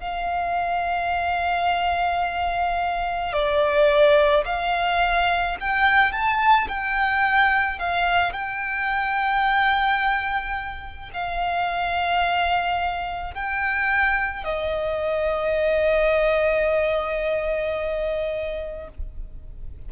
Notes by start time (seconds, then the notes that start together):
0.00 F5
3.33 D5
4.45 F5
5.60 G5
6.12 A5
6.68 G5
7.79 F5
8.32 G5
11.14 F5
13.34 G5
14.44 D#5